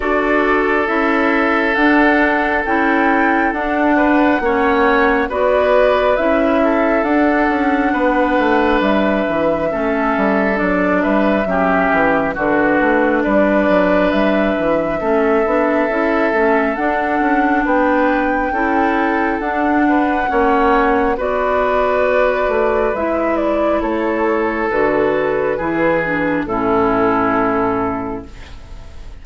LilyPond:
<<
  \new Staff \with { instrumentName = "flute" } { \time 4/4 \tempo 4 = 68 d''4 e''4 fis''4 g''4 | fis''2 d''4 e''4 | fis''2 e''2 | d''8 e''4. b'4 d''4 |
e''2. fis''4 | g''2 fis''2 | d''2 e''8 d''8 cis''4 | b'2 a'2 | }
  \new Staff \with { instrumentName = "oboe" } { \time 4/4 a'1~ | a'8 b'8 cis''4 b'4. a'8~ | a'4 b'2 a'4~ | a'8 b'8 g'4 fis'4 b'4~ |
b'4 a'2. | b'4 a'4. b'8 cis''4 | b'2. a'4~ | a'4 gis'4 e'2 | }
  \new Staff \with { instrumentName = "clarinet" } { \time 4/4 fis'4 e'4 d'4 e'4 | d'4 cis'4 fis'4 e'4 | d'2. cis'4 | d'4 cis'4 d'2~ |
d'4 cis'8 d'8 e'8 cis'8 d'4~ | d'4 e'4 d'4 cis'4 | fis'2 e'2 | fis'4 e'8 d'8 cis'2 | }
  \new Staff \with { instrumentName = "bassoon" } { \time 4/4 d'4 cis'4 d'4 cis'4 | d'4 ais4 b4 cis'4 | d'8 cis'8 b8 a8 g8 e8 a8 g8 | fis8 g8 fis8 e8 d8 a8 g8 fis8 |
g8 e8 a8 b8 cis'8 a8 d'8 cis'8 | b4 cis'4 d'4 ais4 | b4. a8 gis4 a4 | d4 e4 a,2 | }
>>